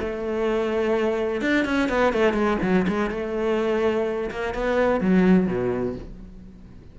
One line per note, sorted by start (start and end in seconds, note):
0.00 1.42 A3
1.42 1.65 D4
1.65 1.89 C#4
1.89 2.13 B3
2.13 2.33 A3
2.33 2.57 G#3
2.63 2.87 F#3
2.88 3.10 G#3
3.10 4.30 A3
4.31 4.55 A#3
4.55 5.01 B3
5.01 5.47 F#3
5.47 5.95 B2